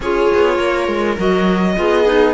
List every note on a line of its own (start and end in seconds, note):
0.00 0.28 C#4
0.00 1.18 F4
0.00 0.56 G#4
0.00 1.18 C#5
0.34 0.58 B3
0.56 0.87 A#3
0.56 1.74 A#4
0.87 1.17 G#3
1.18 1.77 F#3
1.18 1.75 F#4
1.18 2.34 D#5
1.75 2.34 B3
1.75 2.05 F4
1.75 2.34 G#4
2.05 2.34 D#4